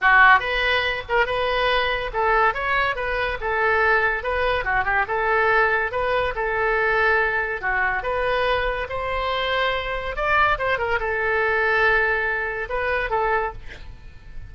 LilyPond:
\new Staff \with { instrumentName = "oboe" } { \time 4/4 \tempo 4 = 142 fis'4 b'4. ais'8 b'4~ | b'4 a'4 cis''4 b'4 | a'2 b'4 fis'8 g'8 | a'2 b'4 a'4~ |
a'2 fis'4 b'4~ | b'4 c''2. | d''4 c''8 ais'8 a'2~ | a'2 b'4 a'4 | }